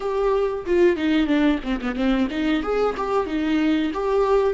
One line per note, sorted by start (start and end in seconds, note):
0.00 0.65 G4
0.66 0.96 F4
0.96 1.26 D#4
1.26 1.59 D4
1.63 1.79 C4
1.81 1.95 B3
1.95 2.28 C4
2.30 2.62 D#4
2.62 2.95 G#4
2.97 3.26 G4
3.26 3.91 D#4
3.93 4.53 G4